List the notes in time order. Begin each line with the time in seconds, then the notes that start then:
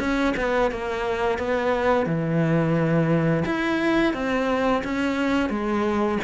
0.00 C#4
0.37 B3
0.72 A#3
1.39 B3
2.06 E3
3.46 E4
4.14 C4
4.84 C#4
5.50 G#3